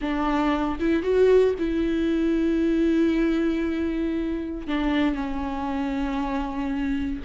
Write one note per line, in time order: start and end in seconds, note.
0.01 0.78 D4
0.79 1.02 E4
1.02 1.54 F#4
1.58 4.67 E4
4.67 5.14 D4
5.14 7.21 C#4